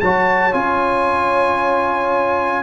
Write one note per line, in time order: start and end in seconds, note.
0.00 0.53 F#3
0.00 0.52 F#4
0.00 2.62 C#5
0.00 0.53 A5
0.52 2.62 C#4
0.52 2.62 F4
0.52 2.62 G#5